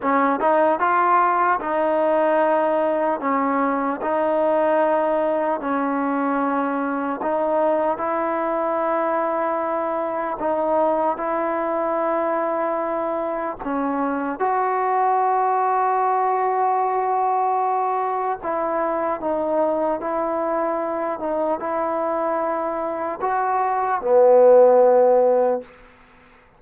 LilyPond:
\new Staff \with { instrumentName = "trombone" } { \time 4/4 \tempo 4 = 75 cis'8 dis'8 f'4 dis'2 | cis'4 dis'2 cis'4~ | cis'4 dis'4 e'2~ | e'4 dis'4 e'2~ |
e'4 cis'4 fis'2~ | fis'2. e'4 | dis'4 e'4. dis'8 e'4~ | e'4 fis'4 b2 | }